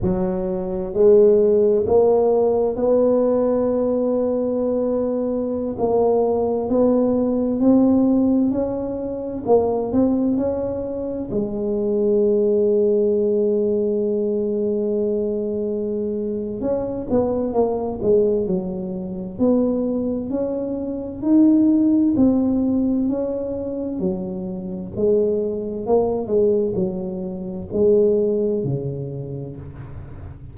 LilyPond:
\new Staff \with { instrumentName = "tuba" } { \time 4/4 \tempo 4 = 65 fis4 gis4 ais4 b4~ | b2~ b16 ais4 b8.~ | b16 c'4 cis'4 ais8 c'8 cis'8.~ | cis'16 gis2.~ gis8.~ |
gis2 cis'8 b8 ais8 gis8 | fis4 b4 cis'4 dis'4 | c'4 cis'4 fis4 gis4 | ais8 gis8 fis4 gis4 cis4 | }